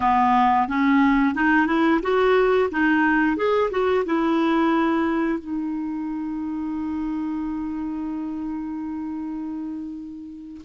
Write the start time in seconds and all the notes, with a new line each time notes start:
0.00 B3
0.67 C#4
1.35 D#4
1.67 E4
2.02 F#4
2.71 D#4
3.36 G#4
3.70 F#4
4.05 E4
5.38 D#4